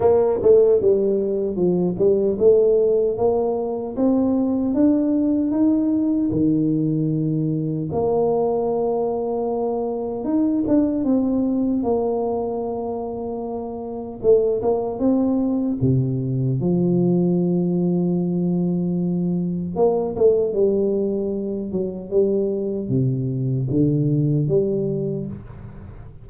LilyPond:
\new Staff \with { instrumentName = "tuba" } { \time 4/4 \tempo 4 = 76 ais8 a8 g4 f8 g8 a4 | ais4 c'4 d'4 dis'4 | dis2 ais2~ | ais4 dis'8 d'8 c'4 ais4~ |
ais2 a8 ais8 c'4 | c4 f2.~ | f4 ais8 a8 g4. fis8 | g4 c4 d4 g4 | }